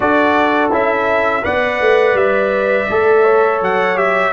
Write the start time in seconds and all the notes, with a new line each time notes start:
0.00 D4 F#4 A4 D5
0.71 C#4 E4 E5
1.42 B3 B4 D5 F#5
1.80 A3
2.14 G3 E5
2.89 A3 A4
3.23 C#5
3.61 F#3 F#5
3.95 G4 E5